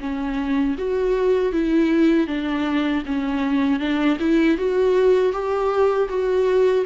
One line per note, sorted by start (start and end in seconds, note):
0.00 0.76 C#4
0.78 1.52 F#4
1.52 2.27 E4
2.27 3.03 D4
3.06 3.79 C#4
3.79 4.17 D4
4.19 4.57 E4
4.57 5.32 F#4
5.32 6.08 G4
6.09 6.85 F#4